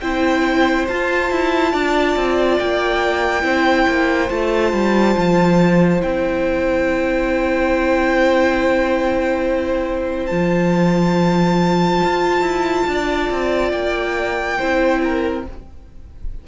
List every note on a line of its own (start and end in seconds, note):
0.00 0.87 C4
0.00 0.88 E4
0.00 1.72 C5
0.00 0.86 G5
0.88 1.30 F4
0.88 3.41 F4
0.88 2.59 A5
1.30 1.73 E4
1.72 2.16 D4
1.72 3.44 D5
2.16 2.59 C4
2.59 3.43 A#3
2.59 4.29 G5
3.41 3.86 C4
3.41 4.27 E4
3.41 12.87 C5
3.87 4.30 A#3
4.29 4.73 A3
4.29 5.99 F4
4.29 6.01 A5
4.73 5.16 G3
5.17 6.03 F3
5.99 10.31 C4
5.99 10.28 E4
5.99 10.26 G5
10.26 12.02 F3
10.26 14.58 F4
10.26 13.69 A5
12.04 12.41 F4
12.41 12.84 E4
12.87 13.30 D4
12.87 14.58 D5
13.30 13.72 C4
13.72 14.58 A#3
13.72 15.43 G5
14.58 15.47 C4
14.58 15.45 E4
14.58 15.01 C5
15.03 15.46 A#4